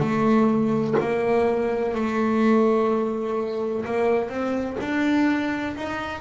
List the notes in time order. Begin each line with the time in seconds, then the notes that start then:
0.00 A3
1.00 A#3
1.95 A3
3.86 A#3
4.29 C4
4.81 D4
5.77 D#4